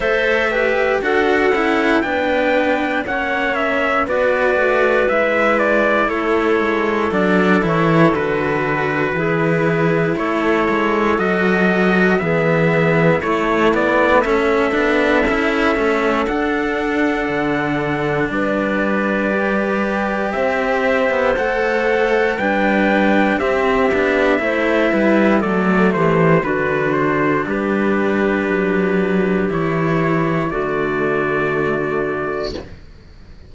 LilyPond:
<<
  \new Staff \with { instrumentName = "trumpet" } { \time 4/4 \tempo 4 = 59 e''4 fis''4 g''4 fis''8 e''8 | d''4 e''8 d''8 cis''4 d''8 cis''8 | b'2 cis''4 dis''4 | e''4 cis''8 d''8 e''2 |
fis''2 d''2 | e''4 fis''4 g''4 e''4~ | e''4 d''8 c''8 b'8 c''8 b'4~ | b'4 cis''4 d''2 | }
  \new Staff \with { instrumentName = "clarinet" } { \time 4/4 c''8 b'8 a'4 b'4 cis''4 | b'2 a'2~ | a'4 gis'4 a'2 | gis'4 e'4 a'2~ |
a'2 b'2 | c''2 b'4 g'4 | c''8 b'8 a'8 g'8 fis'4 g'4~ | g'2 fis'2 | }
  \new Staff \with { instrumentName = "cello" } { \time 4/4 a'8 g'8 fis'8 e'8 d'4 cis'4 | fis'4 e'2 d'8 e'8 | fis'4 e'2 fis'4 | b4 a8 b8 cis'8 d'8 e'8 cis'8 |
d'2. g'4~ | g'4 a'4 d'4 c'8 d'8 | e'4 a4 d'2~ | d'4 e'4 a2 | }
  \new Staff \with { instrumentName = "cello" } { \time 4/4 a4 d'8 cis'8 b4 ais4 | b8 a8 gis4 a8 gis8 fis8 e8 | d4 e4 a8 gis8 fis4 | e4 a4. b8 cis'8 a8 |
d'4 d4 g2 | c'8. b16 a4 g4 c'8 b8 | a8 g8 fis8 e8 d4 g4 | fis4 e4 d2 | }
>>